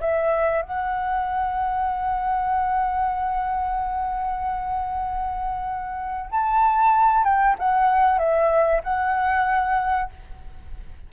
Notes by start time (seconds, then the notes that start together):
0.00 E5
0.62 F#5
6.30 A5
7.23 G5
7.58 F#5
8.18 E5
8.83 F#5